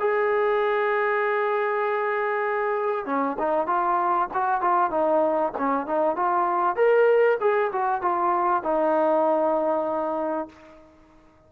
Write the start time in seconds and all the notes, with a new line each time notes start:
0.00 G#4
3.06 C#4
3.39 D#4
3.67 F4
4.34 F#4
4.62 F4
4.91 D#4
5.58 C#4
5.87 D#4
6.16 F4
6.76 A#4
7.41 G#4
7.73 F#4
8.02 F4
8.63 D#4